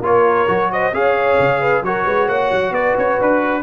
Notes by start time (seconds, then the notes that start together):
0.00 A#3 F4 A#4 C#5
0.47 F#3 F#4
0.72 C5 D#5
0.92 C#4 G#4 C#5 F5
1.39 C#3
1.61 B4
1.82 F#3 F#4 A#4 C#5
2.05 G#3 B4
2.27 A#3 C#5 F#5
2.51 F#3
2.71 B3 B4 D5
2.97 C#4 C#5
3.21 D4 B4